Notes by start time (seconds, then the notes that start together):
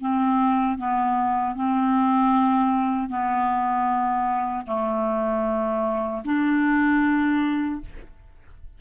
0.00 C4
0.78 B3
1.55 C4
3.09 B3
4.66 A3
6.25 D4